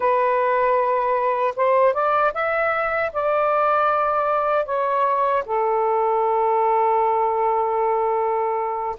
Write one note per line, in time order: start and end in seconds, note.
0.00 1.54 B4
1.56 1.93 C5
1.93 2.32 D5
2.34 3.12 E5
3.12 4.65 D5
4.65 5.43 C#5
5.45 8.96 A4